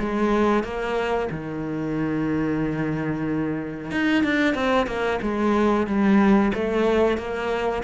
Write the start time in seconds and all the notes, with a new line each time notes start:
0.00 G#3
0.64 A#3
1.31 D#3
3.92 D#4
4.24 D4
4.55 C4
4.87 A#3
5.22 G#3
5.87 G3
6.54 A3
7.18 A#3